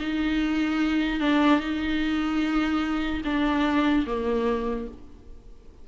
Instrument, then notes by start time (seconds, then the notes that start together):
viola
0.00 D#4
1.21 D4
1.60 D#4
3.25 D4
4.07 A#3